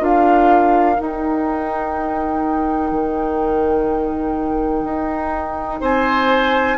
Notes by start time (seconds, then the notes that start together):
0.00 D4 F4 A#4 F5
0.96 D#4 G5
2.92 D#3
4.84 D#4
5.81 C4 C5 G#5